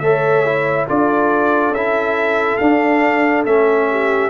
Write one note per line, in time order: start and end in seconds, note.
0.00 0.87 A3
0.00 0.46 A4
0.00 0.87 C#5
0.00 0.86 E5
0.46 0.88 E4
0.87 1.71 D4
0.87 1.74 F4
0.87 3.87 A4
0.87 1.74 D5
1.71 2.56 C#4
1.71 2.61 E4
1.71 2.58 E5
2.58 3.46 D4
2.58 3.43 F5
3.46 4.31 A3
3.46 4.31 C#4
3.46 4.31 E5
3.91 4.31 G4